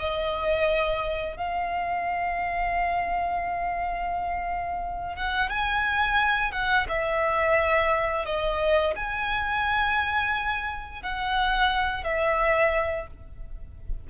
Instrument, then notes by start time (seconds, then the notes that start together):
violin
0.00 D#5
1.37 F5
5.16 F#5
5.50 G#5
6.52 F#5
6.89 E5
8.26 D#5
8.96 G#5
11.03 F#5
12.04 E5